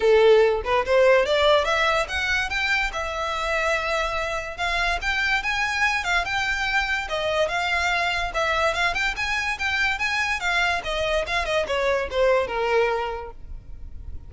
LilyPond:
\new Staff \with { instrumentName = "violin" } { \time 4/4 \tempo 4 = 144 a'4. b'8 c''4 d''4 | e''4 fis''4 g''4 e''4~ | e''2. f''4 | g''4 gis''4. f''8 g''4~ |
g''4 dis''4 f''2 | e''4 f''8 g''8 gis''4 g''4 | gis''4 f''4 dis''4 f''8 dis''8 | cis''4 c''4 ais'2 | }